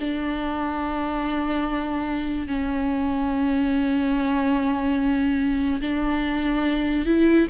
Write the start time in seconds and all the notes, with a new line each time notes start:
0.00 D4
2.47 C#4
5.81 D4
7.06 E4